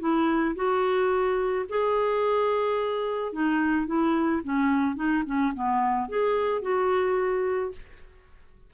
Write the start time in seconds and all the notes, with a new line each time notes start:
0.00 E4
0.56 F#4
1.69 G#4
3.33 D#4
3.87 E4
4.44 C#4
4.96 D#4
5.26 C#4
5.54 B3
6.09 G#4
6.62 F#4